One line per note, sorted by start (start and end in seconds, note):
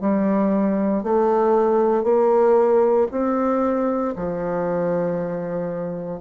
0.00 1.03 G3
1.03 2.04 A3
2.04 3.07 A#3
3.11 4.14 C4
4.16 6.20 F3